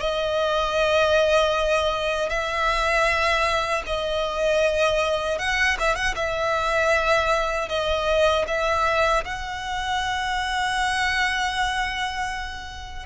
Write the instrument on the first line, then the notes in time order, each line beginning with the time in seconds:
violin
0.00 D#5
2.29 E5
3.86 D#5
5.39 F#5
5.79 E5
5.95 F#5
6.15 E5
7.69 D#5
8.48 E5
9.25 F#5